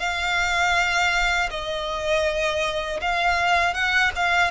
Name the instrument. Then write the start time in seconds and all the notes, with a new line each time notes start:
violin
0.00 F5
1.51 D#5
3.01 F5
3.74 F#5
4.16 F5